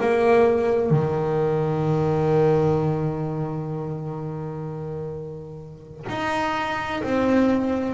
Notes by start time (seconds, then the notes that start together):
0.00 A#3
0.90 D#3
6.09 D#4
7.03 C4